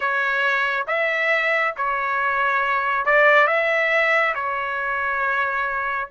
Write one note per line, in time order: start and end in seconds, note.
0.00 0.86 C#5
0.87 1.74 E5
1.76 3.05 C#5
3.05 3.47 D5
3.47 4.34 E5
4.34 6.08 C#5